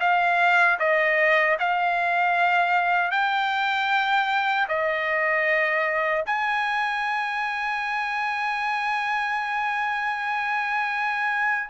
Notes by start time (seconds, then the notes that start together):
0.00 F5
0.79 D#5
1.59 F5
3.11 G5
4.69 D#5
6.26 G#5